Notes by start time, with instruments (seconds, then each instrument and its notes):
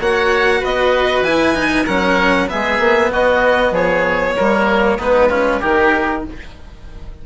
0.00 bassoon A#3, cello F#4, oboe C#5, violin F#5
0.60 bassoon B3, oboe B4, violin D#5
1.22 bassoon E3, cello E4, violin G#5
1.55 cello D#4
1.86 bassoon F#3, cello C#4, oboe A#4, violin F#5
2.48 cello B3, oboe G#4, violin E5
2.54 bassoon G#3
2.79 bassoon A#3
3.11 bassoon B3, oboe F#4, violin D#5
3.71 bassoon F3, oboe G#4, violin C#5
4.36 bassoon G3, cello A#3, oboe A#4
4.98 bassoon G#3, cello B3, oboe D#4, violin B4
5.30 cello C#4, oboe F4
5.60 bassoon D#3, cello D#4, oboe G4, violin A#4